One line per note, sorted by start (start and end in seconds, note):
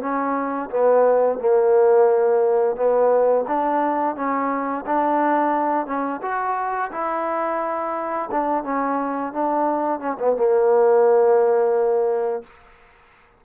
0.00 0.69 C#4
0.70 1.39 B3
1.39 2.76 A#3
2.76 3.45 B3
3.47 4.15 D4
4.15 4.84 C#4
4.86 5.86 D4
5.86 6.20 C#4
6.22 6.91 F#4
6.91 8.29 E4
8.31 8.63 D4
8.63 9.32 C#4
9.33 9.99 D4
9.99 10.17 C#4
10.19 10.36 B3
10.36 12.43 A#3